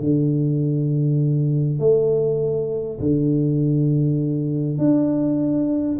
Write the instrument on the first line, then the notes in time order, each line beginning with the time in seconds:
tuba
0.00 D3
1.80 A3
3.00 D3
4.78 D4